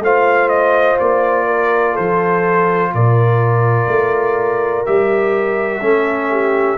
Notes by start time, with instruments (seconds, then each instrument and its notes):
0.00 tuba A3, trombone F4, horn C5, trumpet F5
0.49 trumpet D#5
1.00 tuba A#3, trumpet D5
1.47 horn A#4
1.93 tuba F3, horn A4, trumpet C5
2.94 tuba A#2, horn A#4, trumpet D5
3.88 tuba A3
4.86 tuba G3, trombone G4, trumpet E5
5.81 tuba A3, trombone C#4, horn A4
6.31 horn G4